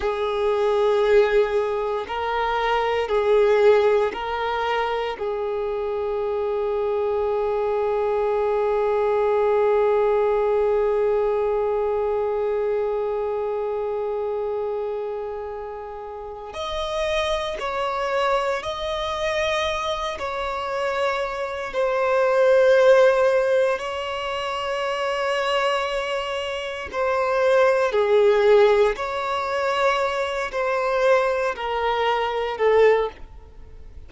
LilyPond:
\new Staff \with { instrumentName = "violin" } { \time 4/4 \tempo 4 = 58 gis'2 ais'4 gis'4 | ais'4 gis'2.~ | gis'1~ | gis'1 |
dis''4 cis''4 dis''4. cis''8~ | cis''4 c''2 cis''4~ | cis''2 c''4 gis'4 | cis''4. c''4 ais'4 a'8 | }